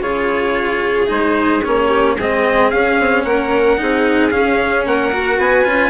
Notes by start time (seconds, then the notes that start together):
0.00 C#3 F4 G#4 C#5
1.07 G#3 D#4 C5
1.64 A#3 C#4 C#5
1.88 G4
2.17 G#3 C4 G#4 D#5
2.70 C#4 F5
2.99 C4
3.24 A#3 A#4 F#5
3.77 C4 D#4 G#4
4.30 C#4 F5
4.85 A#3 A#4 F#5
5.12 F#4
5.38 B3 B4 G#5
5.64 C#4 F4